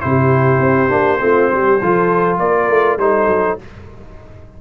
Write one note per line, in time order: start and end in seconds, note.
0.00 0.60 C3
0.00 0.88 E4
0.00 1.21 G4
0.00 2.38 C5
0.60 0.89 C4
0.88 1.20 A#3
0.88 1.18 D4
1.19 1.50 A3
1.19 1.79 C4
1.19 1.51 F4
1.51 1.81 G3
1.51 1.80 G4
1.80 2.39 F3
1.80 2.99 F4
1.80 2.40 A4
2.39 2.68 A#3
2.39 3.00 A#4
2.39 2.98 D5
2.68 2.97 A3
2.97 3.27 G3
2.97 3.58 D#4
2.97 3.61 A4
2.97 3.58 C5
3.27 3.56 F#3